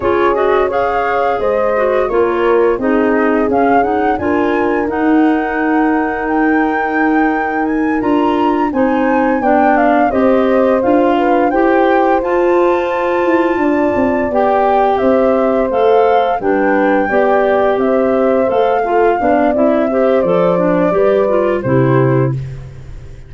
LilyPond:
<<
  \new Staff \with { instrumentName = "flute" } { \time 4/4 \tempo 4 = 86 cis''8 dis''8 f''4 dis''4 cis''4 | dis''4 f''8 fis''8 gis''4 fis''4~ | fis''4 g''2 gis''8 ais''8~ | ais''8 gis''4 g''8 f''8 dis''4 f''8~ |
f''8 g''4 a''2~ a''8~ | a''8 g''4 e''4 f''4 g''8~ | g''4. e''4 f''4. | e''4 d''2 c''4 | }
  \new Staff \with { instrumentName = "horn" } { \time 4/4 gis'4 cis''4 c''4 ais'4 | gis'2 ais'2~ | ais'1~ | ais'8 c''4 d''4 c''4. |
b'8 c''2. d''8~ | d''4. c''2 b'8~ | b'8 d''4 c''4. a'8 d''8~ | d''8 c''4. b'4 g'4 | }
  \new Staff \with { instrumentName = "clarinet" } { \time 4/4 f'8 fis'8 gis'4. fis'8 f'4 | dis'4 cis'8 dis'8 f'4 dis'4~ | dis'2.~ dis'8 f'8~ | f'8 dis'4 d'4 g'4 f'8~ |
f'8 g'4 f'2~ f'8~ | f'8 g'2 a'4 d'8~ | d'8 g'2 a'8 f'8 d'8 | e'8 g'8 a'8 d'8 g'8 f'8 e'4 | }
  \new Staff \with { instrumentName = "tuba" } { \time 4/4 cis'2 gis4 ais4 | c'4 cis'4 d'4 dis'4~ | dis'2.~ dis'8 d'8~ | d'8 c'4 b4 c'4 d'8~ |
d'8 e'4 f'4. e'8 d'8 | c'8 b4 c'4 a4 g8~ | g8 b4 c'4 a4 b8 | c'4 f4 g4 c4 | }
>>